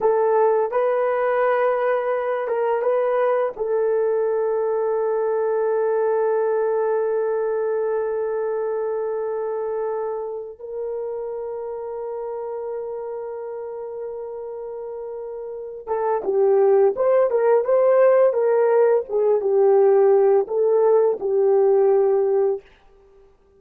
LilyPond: \new Staff \with { instrumentName = "horn" } { \time 4/4 \tempo 4 = 85 a'4 b'2~ b'8 ais'8 | b'4 a'2.~ | a'1~ | a'2. ais'4~ |
ais'1~ | ais'2~ ais'8 a'8 g'4 | c''8 ais'8 c''4 ais'4 gis'8 g'8~ | g'4 a'4 g'2 | }